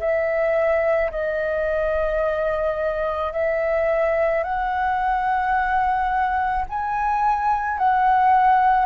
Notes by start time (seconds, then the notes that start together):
0.00 E5
1.11 D#5
3.33 E5
4.43 F#5
6.69 G#5
7.78 F#5